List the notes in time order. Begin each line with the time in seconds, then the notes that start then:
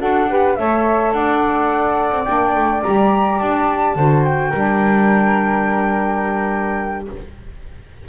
0.00 D4 F#4 A4 F#5
0.29 G4 B4
0.56 A3 A4 C#5 E5
1.13 D4 D5 F#5
2.12 C4
2.25 A#3 D4 G5
2.55 A3
2.83 G3 G4 A#5
3.39 D4 A5
3.95 D3 F#4 C5
4.24 G5
4.50 G3 D4 A#4